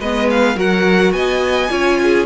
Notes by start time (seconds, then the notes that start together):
0.00 G#3 B3 B4 D#5
0.31 F5
0.56 F#3 F#4 A#4 F#5
1.12 B3 D#5 G#5
1.70 C#4 F4 C#5
2.03 G#4